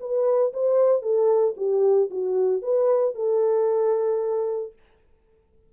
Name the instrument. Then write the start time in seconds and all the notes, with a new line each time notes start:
horn
0.00 B4
0.53 C5
1.02 A4
1.57 G4
2.10 F#4
2.62 B4
3.15 A4